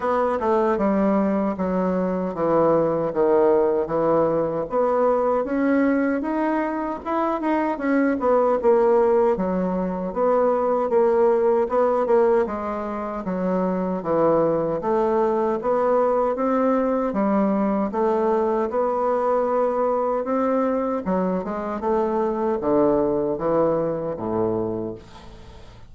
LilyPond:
\new Staff \with { instrumentName = "bassoon" } { \time 4/4 \tempo 4 = 77 b8 a8 g4 fis4 e4 | dis4 e4 b4 cis'4 | dis'4 e'8 dis'8 cis'8 b8 ais4 | fis4 b4 ais4 b8 ais8 |
gis4 fis4 e4 a4 | b4 c'4 g4 a4 | b2 c'4 fis8 gis8 | a4 d4 e4 a,4 | }